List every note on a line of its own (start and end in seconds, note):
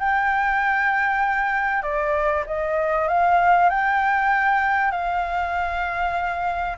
0.00 1.82 G5
1.82 2.44 D5
2.47 3.08 D#5
3.08 3.70 F5
3.70 4.92 G5
4.92 6.77 F5